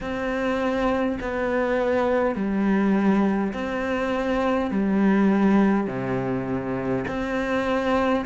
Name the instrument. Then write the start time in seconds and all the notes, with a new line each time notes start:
cello
0.00 C4
1.20 B3
2.35 G3
3.53 C4
4.71 G3
5.87 C3
7.07 C4